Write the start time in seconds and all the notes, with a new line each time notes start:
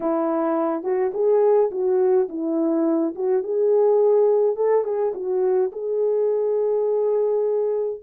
0.00 E4
0.83 F#4
1.13 G#4
1.71 F#4
2.29 E4
3.15 F#4
3.43 G#4
4.56 A4
4.84 G#4
5.14 F#4
5.72 G#4